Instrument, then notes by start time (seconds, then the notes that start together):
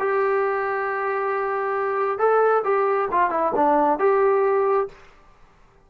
trombone
0.00 G4
2.19 A4
2.65 G4
3.12 F4
3.31 E4
3.56 D4
4.00 G4